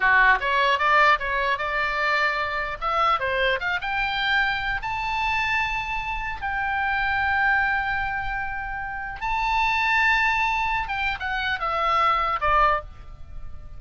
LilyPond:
\new Staff \with { instrumentName = "oboe" } { \time 4/4 \tempo 4 = 150 fis'4 cis''4 d''4 cis''4 | d''2. e''4 | c''4 f''8 g''2~ g''8 | a''1 |
g''1~ | g''2. a''4~ | a''2.~ a''16 g''8. | fis''4 e''2 d''4 | }